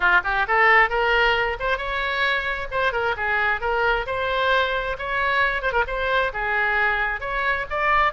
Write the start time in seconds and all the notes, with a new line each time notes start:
0.00 F4
0.24 G4
0.47 A4
0.89 A#4
1.59 C5
1.77 C#5
2.71 C5
2.92 A#4
3.17 G#4
3.60 A#4
4.06 C5
4.98 C#5
5.61 C5
5.72 A#4
5.87 C5
6.33 G#4
7.20 C#5
7.70 D5